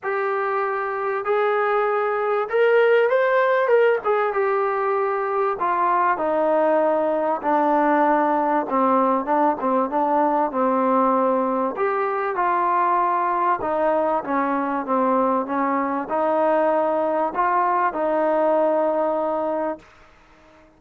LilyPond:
\new Staff \with { instrumentName = "trombone" } { \time 4/4 \tempo 4 = 97 g'2 gis'2 | ais'4 c''4 ais'8 gis'8 g'4~ | g'4 f'4 dis'2 | d'2 c'4 d'8 c'8 |
d'4 c'2 g'4 | f'2 dis'4 cis'4 | c'4 cis'4 dis'2 | f'4 dis'2. | }